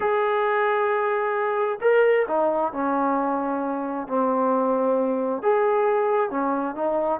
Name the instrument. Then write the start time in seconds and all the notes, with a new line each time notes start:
trombone
0.00 G#4
1.81 A#4
2.27 D#4
2.73 C#4
4.07 C4
5.42 G#4
6.30 C#4
6.75 D#4